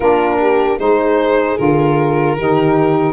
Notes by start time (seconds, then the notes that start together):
0.00 A#3 D4 F4 A#4
0.40 G4
0.78 G#3 D#4 G#4 C5
1.57 D3 F4 A#4
2.37 D#3 D#4 G4